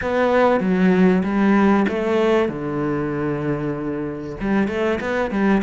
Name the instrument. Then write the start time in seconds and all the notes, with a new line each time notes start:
cello
0.01 B3
0.60 F#3
1.23 G3
1.88 A3
2.49 D3
4.40 G3
4.68 A3
5.00 B3
5.30 G3